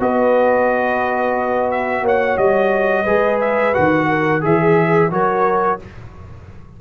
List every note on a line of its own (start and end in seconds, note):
0.00 2.02 B3
0.00 3.06 F#4
0.00 2.04 B4
0.00 1.71 D#5
1.71 2.06 E5
2.02 2.37 A#3
2.02 3.04 C#5
2.02 2.38 F#5
2.38 3.06 G3
2.38 3.40 D#5
3.04 3.76 G#3
3.04 3.74 G#4
3.04 4.06 B4
3.41 3.75 E5
3.74 4.44 D#3
3.74 4.42 F#4
3.74 4.43 F#5
4.09 4.42 A#4
4.42 5.12 E3
4.42 5.10 G#4
4.42 5.12 E5
5.11 5.80 F#3
5.11 5.79 F#4
5.11 5.81 A#4
5.11 5.81 C#5